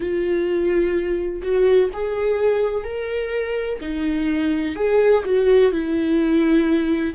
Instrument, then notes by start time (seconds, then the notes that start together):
viola
0.00 F4
1.42 F#4
1.93 G#4
2.84 A#4
3.81 D#4
4.75 G#4
5.25 F#4
5.71 E4